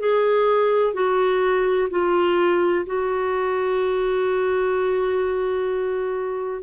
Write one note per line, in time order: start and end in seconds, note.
0.00 0.94 G#4
0.94 1.89 F#4
1.90 2.86 F4
2.87 6.63 F#4